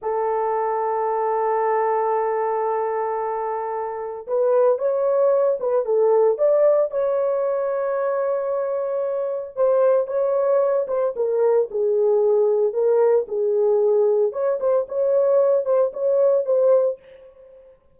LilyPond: \new Staff \with { instrumentName = "horn" } { \time 4/4 \tempo 4 = 113 a'1~ | a'1 | b'4 cis''4. b'8 a'4 | d''4 cis''2.~ |
cis''2 c''4 cis''4~ | cis''8 c''8 ais'4 gis'2 | ais'4 gis'2 cis''8 c''8 | cis''4. c''8 cis''4 c''4 | }